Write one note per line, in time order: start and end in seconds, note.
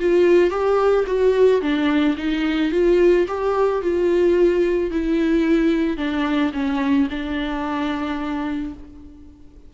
0.00 0.51 F4
0.51 1.05 G4
1.07 1.62 F#4
1.62 2.16 D4
2.18 2.72 D#4
2.72 3.27 F4
3.28 3.83 G4
3.83 4.91 F4
4.91 5.98 E4
5.98 6.52 D4
6.54 7.08 C#4
7.10 8.74 D4